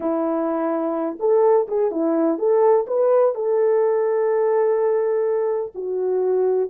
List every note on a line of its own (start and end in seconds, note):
0.00 1.18 E4
1.19 1.67 A4
1.68 1.91 G#4
1.91 2.38 E4
2.38 2.86 A4
2.87 3.34 B4
3.34 5.73 A4
5.74 6.69 F#4